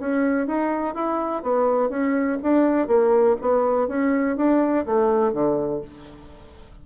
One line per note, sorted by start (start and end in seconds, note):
0.00 0.47 C#4
0.47 0.95 D#4
0.95 1.43 E4
1.43 1.90 B3
1.90 2.38 C#4
2.43 2.88 D4
2.88 3.36 A#3
3.41 3.88 B3
3.88 4.37 C#4
4.37 4.85 D4
4.86 5.33 A3
5.33 5.81 D3